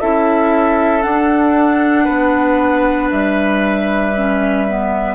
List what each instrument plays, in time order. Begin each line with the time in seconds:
0.00 bassoon C#4, clarinet E4, oboe A4, flute E5
1.03 clarinet D4, bassoon D4, flute F#5
2.05 bassoon B3, oboe B4
3.11 bassoon G3, flute E5
4.17 clarinet C#4
4.69 clarinet B3